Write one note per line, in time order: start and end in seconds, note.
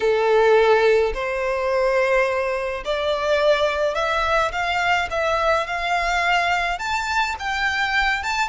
0.00 1.12 A4
1.13 2.83 C5
2.85 3.95 D5
3.95 4.51 E5
4.52 5.08 F5
5.10 5.67 E5
5.67 6.78 F5
6.78 7.35 A5
7.39 8.23 G5
8.23 8.48 A5